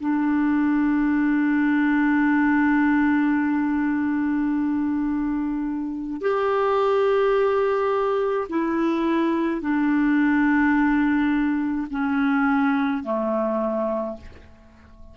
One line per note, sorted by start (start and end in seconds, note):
0.00 6.21 D4
6.21 8.48 G4
8.49 9.61 E4
9.61 11.88 D4
11.91 13.03 C#4
13.03 14.17 A3